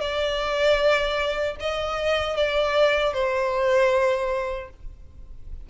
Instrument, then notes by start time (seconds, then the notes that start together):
violin
0.00 D5
1.60 D#5
2.36 D5
3.13 C5